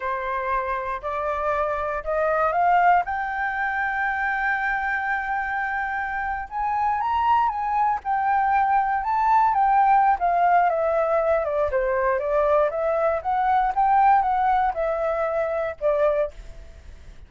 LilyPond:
\new Staff \with { instrumentName = "flute" } { \time 4/4 \tempo 4 = 118 c''2 d''2 | dis''4 f''4 g''2~ | g''1~ | g''8. gis''4 ais''4 gis''4 g''16~ |
g''4.~ g''16 a''4 g''4~ g''16 | f''4 e''4. d''8 c''4 | d''4 e''4 fis''4 g''4 | fis''4 e''2 d''4 | }